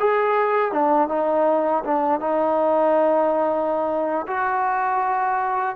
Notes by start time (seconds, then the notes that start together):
0.00 G#4
0.72 D4
1.09 D#4
1.85 D4
2.20 D#4
4.27 F#4